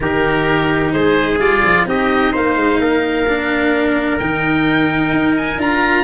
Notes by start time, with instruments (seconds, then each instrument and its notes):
0.00 tuba D#3, cello D#4, trumpet G4, oboe A#4
0.92 tuba G#3, trumpet G#4, oboe C5
1.39 tuba G3, cello F4, oboe D5
1.63 tuba F3
1.85 tuba C4, cello D#4, trumpet G4, oboe D#5
2.32 tuba A#3, trumpet C5, oboe F5
2.56 tuba G#3
2.79 tuba A#3, trumpet A#4
3.27 cello D4
4.18 tuba D#3, cello D#4, oboe G5
5.13 tuba D#4
5.37 oboe G#5
5.57 tuba D4, cello F4, oboe A#5